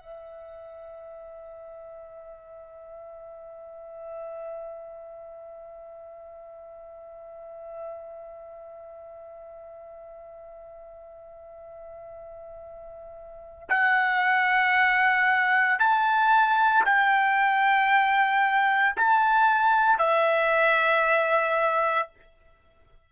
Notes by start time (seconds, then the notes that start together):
0.00 E5
13.69 F#5
15.79 A5
16.85 G5
18.97 A5
19.99 E5